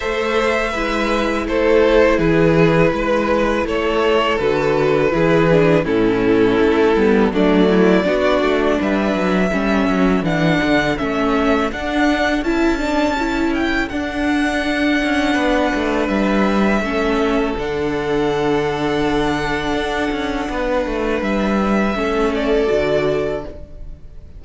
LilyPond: <<
  \new Staff \with { instrumentName = "violin" } { \time 4/4 \tempo 4 = 82 e''2 c''4 b'4~ | b'4 cis''4 b'2 | a'2 d''2 | e''2 fis''4 e''4 |
fis''4 a''4. g''8 fis''4~ | fis''2 e''2 | fis''1~ | fis''4 e''4. d''4. | }
  \new Staff \with { instrumentName = "violin" } { \time 4/4 c''4 b'4 a'4 gis'4 | b'4 a'2 gis'4 | e'2 d'8 e'8 fis'4 | b'4 a'2.~ |
a'1~ | a'4 b'2 a'4~ | a'1 | b'2 a'2 | }
  \new Staff \with { instrumentName = "viola" } { \time 4/4 a'4 e'2.~ | e'2 fis'4 e'8 d'8 | cis'4. b8 a4 d'4~ | d'4 cis'4 d'4 cis'4 |
d'4 e'8 d'8 e'4 d'4~ | d'2. cis'4 | d'1~ | d'2 cis'4 fis'4 | }
  \new Staff \with { instrumentName = "cello" } { \time 4/4 a4 gis4 a4 e4 | gis4 a4 d4 e4 | a,4 a8 g8 fis4 b8 a8 | g8 fis8 g8 fis8 e8 d8 a4 |
d'4 cis'2 d'4~ | d'8 cis'8 b8 a8 g4 a4 | d2. d'8 cis'8 | b8 a8 g4 a4 d4 | }
>>